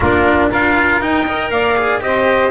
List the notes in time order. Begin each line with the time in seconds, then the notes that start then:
0.00 A#3 D4 F4 A#4
0.49 D4 F4 A#4 F5
1.01 D#4 G5
1.26 A#4 D#5
1.50 A#3 D5 F5
1.75 G#4
2.00 C4 G4 C5 D#5